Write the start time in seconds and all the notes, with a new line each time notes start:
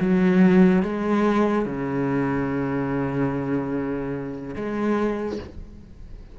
0.00 F#3
0.83 G#3
1.65 C#3
4.56 G#3